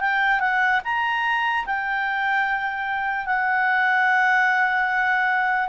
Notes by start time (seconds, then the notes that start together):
0.00 G5
0.40 F#5
0.84 A#5
1.65 G5
3.25 F#5